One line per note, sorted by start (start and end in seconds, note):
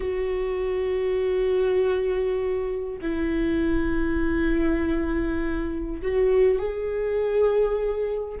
0.00 2.98 F#4
3.01 6.01 E4
6.02 6.58 F#4
6.58 8.38 G#4